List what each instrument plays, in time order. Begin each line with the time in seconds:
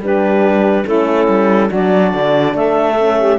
0.00 cello G3, horn D4, saxophone G4, clarinet B4
0.86 cello A3, horn C#4, saxophone E4, clarinet A4
1.28 cello G3
1.69 cello F#3, horn D4, saxophone F#4, clarinet D5
2.14 cello D3
2.54 cello A3, saxophone A4, clarinet E5
2.98 horn C#4
3.19 saxophone G4